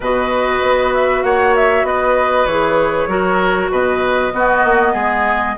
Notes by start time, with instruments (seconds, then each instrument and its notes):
0.00 bassoon B2, clarinet F#4, oboe B4, flute D#5
0.62 bassoon B3
0.93 flute E5
1.23 bassoon A#3, oboe C#5, flute F#5
1.55 flute E5
1.83 bassoon B3, oboe B4, flute D#5
2.46 bassoon E3, clarinet G#4, flute C#5
3.07 bassoon F#3, clarinet F#4, oboe A#4
3.70 bassoon B2, oboe B4, flute D#5
4.33 clarinet B3, bassoon B3, oboe F#4
4.64 bassoon A#3
4.93 bassoon G#3, oboe G#4